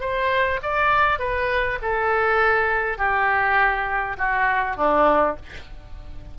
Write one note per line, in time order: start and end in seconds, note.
0.00 0.59 C5
0.62 1.19 D5
1.19 1.78 B4
1.81 2.97 A4
2.97 4.16 G4
4.17 4.76 F#4
4.76 5.36 D4